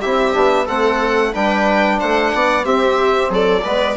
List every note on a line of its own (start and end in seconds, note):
0.00 0.36 C4
0.00 0.33 E4
0.00 0.66 G4
0.00 0.67 E5
0.33 0.68 B3
0.33 0.66 D4
0.66 1.34 A3
0.66 1.33 C4
0.66 1.31 A4
0.66 1.34 F#5
1.33 2.01 G3
1.33 2.63 D4
1.33 1.99 B4
1.33 2.00 G5
2.00 2.34 A3
2.00 2.33 C5
2.00 2.65 F#5
2.34 2.66 B3
2.34 2.65 D5
2.63 3.62 C4
2.63 3.30 C4
2.63 3.30 G4
2.63 3.31 E5
3.30 3.63 F#3
3.30 3.63 A4
3.30 3.97 D5
3.64 3.97 G#3
3.64 3.97 B3
3.64 3.97 B4